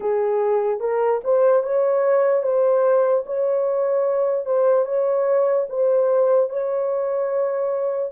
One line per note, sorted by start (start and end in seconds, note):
0.00 0.80 G#4
0.80 1.20 A#4
1.23 1.63 C5
1.63 2.43 C#5
2.43 3.24 C5
3.25 4.45 C#5
4.45 4.85 C5
4.85 5.66 C#5
5.69 6.49 C5
6.49 8.12 C#5